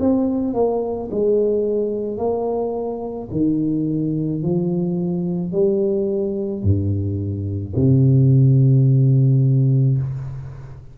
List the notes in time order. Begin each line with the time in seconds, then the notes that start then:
0.00 C4
0.54 A#3
1.11 G#3
2.18 A#3
3.31 D#3
4.42 F3
5.52 G3
6.63 G2
7.76 C3